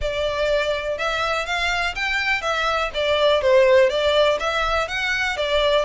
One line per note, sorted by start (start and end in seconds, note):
0.01 0.98 D5
0.98 1.46 E5
1.46 1.94 F5
1.95 2.41 G5
2.41 2.90 E5
2.94 3.41 D5
3.41 3.89 C5
3.89 4.38 D5
4.39 4.88 E5
4.88 5.37 F#5
5.37 5.85 D5